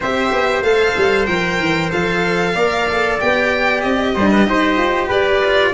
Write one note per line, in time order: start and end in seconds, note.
0.00 0.32 C4
0.00 0.63 G4
0.00 2.54 C5
0.00 0.62 E5
0.32 0.62 B3
0.62 0.94 A3
0.62 1.27 A4
0.62 1.26 F5
0.96 1.27 G3
1.26 1.59 F3
1.26 1.91 A#4
1.26 1.89 G5
1.59 1.91 E3
1.91 2.55 F3
1.91 2.55 A4
1.91 3.19 F5
2.54 3.19 A#3
2.54 2.88 A#4
2.54 4.14 D5
2.89 3.20 A4
3.20 3.84 B3
3.20 4.16 G4
3.20 3.80 G5
3.80 4.16 C4
3.80 5.08 D#5
4.14 4.47 G3
4.14 4.46 D4
4.14 4.30 C5
4.32 4.47 B4
4.46 4.77 D#4
4.46 5.43 G4
4.46 5.07 C5
4.77 5.09 F4
5.07 5.73 G4
5.07 5.71 B4
5.07 5.73 D5
5.44 5.73 F4